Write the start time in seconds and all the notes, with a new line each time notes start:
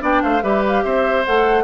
0.00 B3 D4 D5 G5
0.23 A3 C5 F5
0.42 G3 G4 B4 E5
0.68 F5
0.84 C4 C5 E5
1.25 A3 A4 F#5